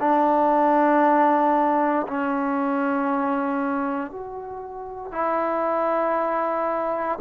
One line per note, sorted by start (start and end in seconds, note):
0.00 2.07 D4
2.07 4.11 C#4
4.11 5.12 F#4
5.12 7.19 E4